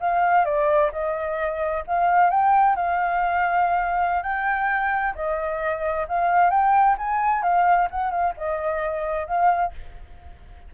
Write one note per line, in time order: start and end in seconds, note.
0.00 0.45 F5
0.45 0.90 D5
0.92 1.84 D#5
1.87 2.30 F5
2.30 2.75 G5
2.75 4.22 F5
4.22 5.14 G5
5.15 6.06 D#5
6.08 6.50 F5
6.50 6.96 G5
6.98 7.42 G#5
7.42 7.88 F5
7.90 8.11 F#5
8.11 8.34 F5
8.37 9.27 D#5
9.27 9.72 F5